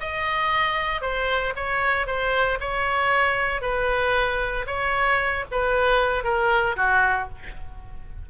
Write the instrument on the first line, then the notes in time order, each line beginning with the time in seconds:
oboe
0.00 D#5
1.01 C5
1.55 C#5
2.06 C5
2.60 C#5
3.61 B4
4.66 C#5
5.51 B4
6.23 A#4
6.76 F#4